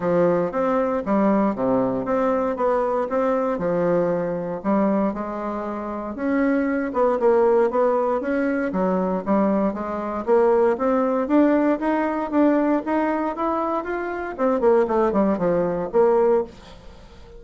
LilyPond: \new Staff \with { instrumentName = "bassoon" } { \time 4/4 \tempo 4 = 117 f4 c'4 g4 c4 | c'4 b4 c'4 f4~ | f4 g4 gis2 | cis'4. b8 ais4 b4 |
cis'4 fis4 g4 gis4 | ais4 c'4 d'4 dis'4 | d'4 dis'4 e'4 f'4 | c'8 ais8 a8 g8 f4 ais4 | }